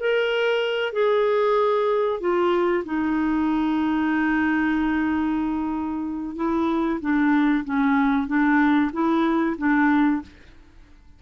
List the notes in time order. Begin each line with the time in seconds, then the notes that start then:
0.00 A#4
0.93 G#4
2.21 F4
2.85 D#4
6.36 E4
7.01 D4
7.65 C#4
8.28 D4
8.93 E4
9.58 D4